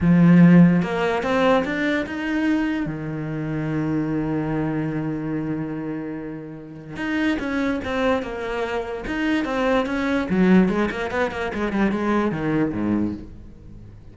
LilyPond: \new Staff \with { instrumentName = "cello" } { \time 4/4 \tempo 4 = 146 f2 ais4 c'4 | d'4 dis'2 dis4~ | dis1~ | dis1~ |
dis4 dis'4 cis'4 c'4 | ais2 dis'4 c'4 | cis'4 fis4 gis8 ais8 b8 ais8 | gis8 g8 gis4 dis4 gis,4 | }